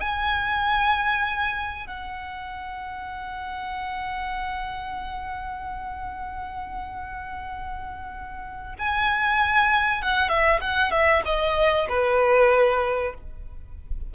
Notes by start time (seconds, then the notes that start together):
0.00 G#5
1.86 F#5
8.79 G#5
10.02 F#5
10.28 E5
10.61 F#5
10.91 E5
11.25 D#5
11.89 B4